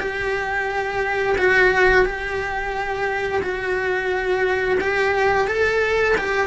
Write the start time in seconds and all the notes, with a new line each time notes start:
0.00 G4
1.38 F#4
2.05 G4
3.42 F#4
4.81 G4
5.48 A4
6.18 G4